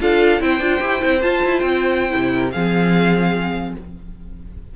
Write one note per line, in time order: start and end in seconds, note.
0.00 0.40 D4
0.00 0.40 F4
0.00 0.42 A4
0.00 0.42 F5
0.40 0.60 C4
0.40 0.60 E4
0.40 2.34 C5
0.40 1.22 G5
0.60 0.80 D4
0.60 0.80 F4
0.80 1.02 E4
0.80 1.00 G4
1.00 1.23 C4
1.00 1.21 E4
1.21 2.10 F4
1.21 1.43 F4
1.21 1.59 A5
1.44 1.62 E4
1.59 2.13 C4
1.59 2.50 G5
2.10 2.54 C3
2.10 2.50 E4
2.34 2.53 A#4
2.52 3.76 F3
2.52 3.76 C4
2.52 3.75 G#4
2.52 3.73 F5